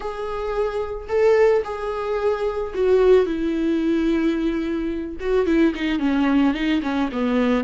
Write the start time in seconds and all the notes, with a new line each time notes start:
0.00 G#4
1.08 A4
1.64 G#4
2.74 F#4
3.26 E4
5.19 F#4
5.46 E4
5.74 D#4
5.99 C#4
6.54 D#4
6.82 C#4
7.12 B3